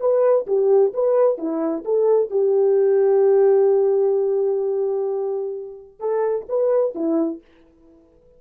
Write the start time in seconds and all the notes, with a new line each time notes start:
0.00 B4
0.47 G4
0.93 B4
1.38 E4
1.85 A4
2.30 G4
6.00 A4
6.49 B4
6.95 E4